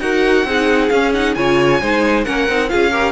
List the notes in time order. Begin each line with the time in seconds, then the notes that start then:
0.00 D#4 F#4 A#4 F#5
0.44 C4 D#4 G#4
0.89 C#4 F5
1.14 D#4 F#5
1.34 C#3 F4 C#5 G#5
1.81 G#3 D#4 C5
2.24 A#3 C#4 A#4 F#5
2.48 C4 D#4
2.68 C#4 F4 G#4 F5
2.91 G4 A#4